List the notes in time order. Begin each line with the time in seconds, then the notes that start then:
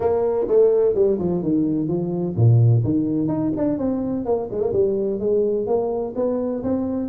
0.00 A#3
0.47 A3
0.94 G3
1.18 F3
1.42 D#3
1.87 F3
2.36 A#2
2.84 D#3
3.28 D#4
3.56 D4
3.78 C4
4.25 A#3
4.50 G#3
4.60 A#3
4.72 G3
5.19 G#3
5.66 A#3
6.15 B3
6.63 C4